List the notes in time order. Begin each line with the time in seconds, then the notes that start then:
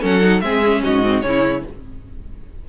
0.00 F#3 C#4 A4 F#5
0.21 D#4
0.40 G#3 C4 G#4 E5
0.65 C#4
0.83 G#2 F#4 D#5
1.04 C4
1.21 C#3 C#4 C#5
1.28 E4